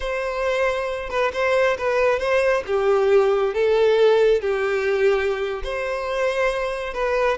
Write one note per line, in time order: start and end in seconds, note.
0.00 1.09 C5
1.09 1.31 B4
1.33 1.77 C5
1.78 2.19 B4
2.19 2.63 C5
2.66 3.54 G4
3.54 4.41 A4
4.41 5.62 G4
5.63 6.93 C5
6.93 7.37 B4